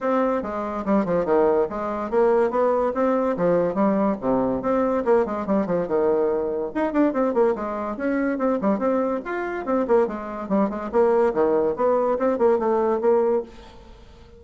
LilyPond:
\new Staff \with { instrumentName = "bassoon" } { \time 4/4 \tempo 4 = 143 c'4 gis4 g8 f8 dis4 | gis4 ais4 b4 c'4 | f4 g4 c4 c'4 | ais8 gis8 g8 f8 dis2 |
dis'8 d'8 c'8 ais8 gis4 cis'4 | c'8 g8 c'4 f'4 c'8 ais8 | gis4 g8 gis8 ais4 dis4 | b4 c'8 ais8 a4 ais4 | }